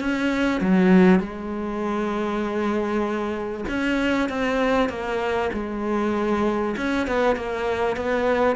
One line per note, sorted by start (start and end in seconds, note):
0.00 0.61 C#4
0.61 1.20 F#3
1.20 3.65 G#3
3.68 4.30 C#4
4.30 4.89 C4
4.89 5.50 A#3
5.54 6.76 G#3
6.77 7.07 C#4
7.07 7.36 B3
7.36 7.96 A#3
7.96 8.56 B3